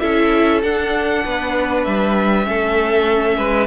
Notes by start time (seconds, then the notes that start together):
0.00 C#4 E4 A4 E5
0.63 D4 F#5
1.25 B3 B4
1.84 G3 E5
2.44 A3 C#4 A4
3.38 G#3 B4